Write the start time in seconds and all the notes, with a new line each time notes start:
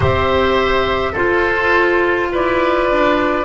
0.00 C4 G4 C5 E5
1.12 F4 A4 C5
2.32 E4 B4 D5
2.90 D4